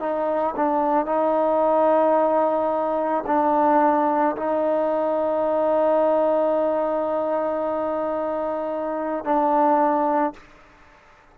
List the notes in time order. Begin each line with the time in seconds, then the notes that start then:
0.00 D#4
0.57 D4
1.06 D#4
3.27 D4
4.36 D#4
9.24 D4